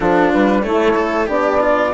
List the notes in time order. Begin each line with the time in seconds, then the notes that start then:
0.00 F3 D4 F4 A4
0.33 G3 B4
0.62 A3 E4 C#5
0.95 A4
1.26 B3 D4 G4 D5
1.60 F4